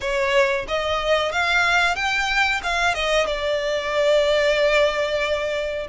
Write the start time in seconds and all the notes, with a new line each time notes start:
0.01 C#5
0.68 D#5
1.32 F5
1.95 G5
2.63 F5
2.94 D#5
3.26 D5